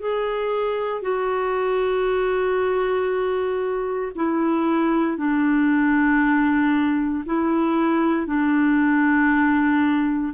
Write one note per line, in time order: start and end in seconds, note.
0.00 1.03 G#4
1.03 4.13 F#4
4.16 5.18 E4
5.18 7.25 D4
7.26 8.27 E4
8.27 10.34 D4